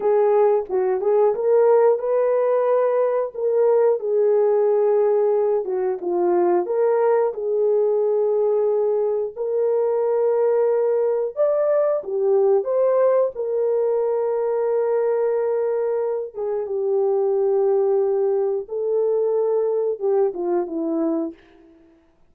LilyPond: \new Staff \with { instrumentName = "horn" } { \time 4/4 \tempo 4 = 90 gis'4 fis'8 gis'8 ais'4 b'4~ | b'4 ais'4 gis'2~ | gis'8 fis'8 f'4 ais'4 gis'4~ | gis'2 ais'2~ |
ais'4 d''4 g'4 c''4 | ais'1~ | ais'8 gis'8 g'2. | a'2 g'8 f'8 e'4 | }